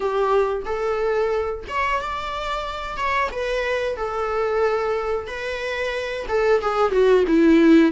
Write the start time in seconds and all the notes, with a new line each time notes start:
0.00 G4
0.65 A4
1.68 C#5
2.01 D5
2.96 C#5
3.31 B4
3.96 A4
5.27 B4
6.28 A4
6.61 G#4
6.91 F#4
7.27 E4